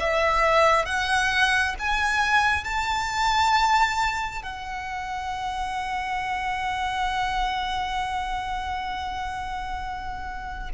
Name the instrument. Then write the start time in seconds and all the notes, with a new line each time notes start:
violin
0.00 E5
0.85 F#5
1.79 G#5
2.64 A5
4.43 F#5